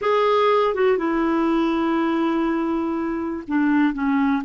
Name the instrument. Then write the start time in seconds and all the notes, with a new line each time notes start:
clarinet
0.01 G#4
0.74 F#4
0.97 E4
3.47 D4
3.93 C#4